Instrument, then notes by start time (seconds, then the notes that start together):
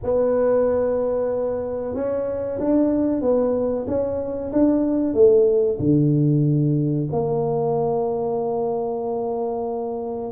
tuba
0.03 B3
1.94 C#4
2.59 D4
3.21 B3
3.87 C#4
4.52 D4
5.13 A3
5.79 D3
7.11 A#3